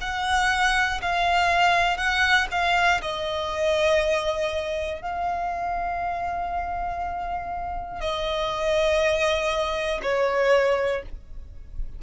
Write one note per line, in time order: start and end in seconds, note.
0.00 1.00 F#5
1.01 1.97 F5
1.97 2.47 F#5
2.50 3.00 F5
3.01 5.01 D#5
5.01 8.00 F5
8.00 10.00 D#5
10.02 11.02 C#5